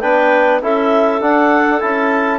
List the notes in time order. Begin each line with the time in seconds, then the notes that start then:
0.00 B3 D4 B4 G5
0.62 C#4 E4 A4 E5
1.21 D4 F#5
1.80 C#4 E4 A5